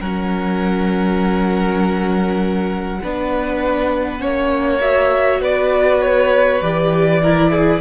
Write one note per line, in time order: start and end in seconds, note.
0.00 3.00 F#3
0.00 3.01 C#4
0.00 3.00 A#4
0.00 4.80 F#5
3.03 4.24 B3
3.03 4.19 D4
3.03 4.21 B4
4.19 5.40 A#3
4.19 4.79 C#4
4.19 5.41 C#5
4.81 6.61 F#4
4.81 5.41 E5
5.40 6.60 B3
5.40 7.21 B4
5.40 6.01 D5
6.01 6.61 C#5
6.61 7.81 E3
6.61 7.22 G4
6.61 7.81 D5
7.23 7.81 E4
7.23 7.51 A#4
7.51 7.81 G#4